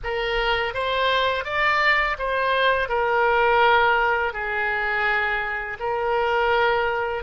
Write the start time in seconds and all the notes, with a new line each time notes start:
0.03 A#4
0.74 C5
1.44 D5
2.18 C5
2.88 A#4
4.33 G#4
5.79 A#4